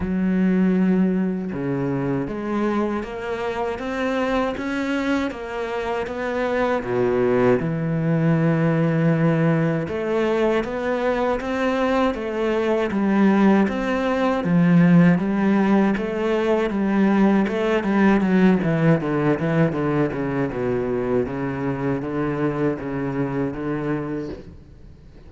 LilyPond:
\new Staff \with { instrumentName = "cello" } { \time 4/4 \tempo 4 = 79 fis2 cis4 gis4 | ais4 c'4 cis'4 ais4 | b4 b,4 e2~ | e4 a4 b4 c'4 |
a4 g4 c'4 f4 | g4 a4 g4 a8 g8 | fis8 e8 d8 e8 d8 cis8 b,4 | cis4 d4 cis4 d4 | }